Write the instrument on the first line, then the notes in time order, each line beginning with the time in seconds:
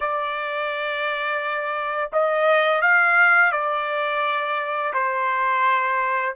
trumpet
0.00 D5
2.12 D#5
2.81 F5
3.52 D5
4.93 C5